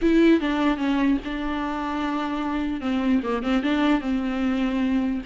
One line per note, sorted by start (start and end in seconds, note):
0.01 0.40 E4
0.40 0.77 D4
0.77 1.17 C#4
1.24 2.80 D4
2.80 3.20 C4
3.23 3.42 A#3
3.42 3.62 C4
3.62 4.00 D4
4.00 5.21 C4